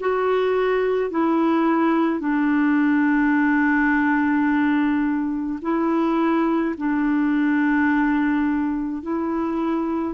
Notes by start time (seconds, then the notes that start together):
0.00 F#4
1.11 E4
2.20 D4
5.62 E4
6.77 D4
9.03 E4